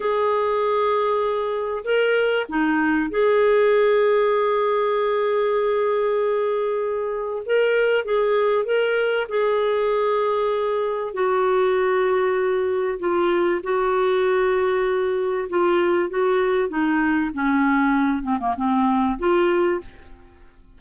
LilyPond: \new Staff \with { instrumentName = "clarinet" } { \time 4/4 \tempo 4 = 97 gis'2. ais'4 | dis'4 gis'2.~ | gis'1 | ais'4 gis'4 ais'4 gis'4~ |
gis'2 fis'2~ | fis'4 f'4 fis'2~ | fis'4 f'4 fis'4 dis'4 | cis'4. c'16 ais16 c'4 f'4 | }